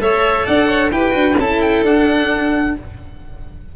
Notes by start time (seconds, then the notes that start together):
0.00 A3 A4 C#5 E5
0.46 D4 D5 F#5
0.69 C#5
0.92 E4 G4 B4 G5
1.11 D4 F#4
1.39 C#4 E4 A4 A5
1.62 G5
1.83 D4 F#5